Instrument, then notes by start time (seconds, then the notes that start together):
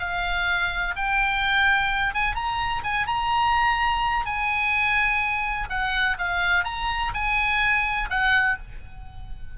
oboe
0.00 F5
0.96 G5
2.15 G#5
2.35 A#5
2.84 G#5
3.07 A#5
4.26 G#5
5.70 F#5
6.19 F5
6.65 A#5
7.15 G#5
8.10 F#5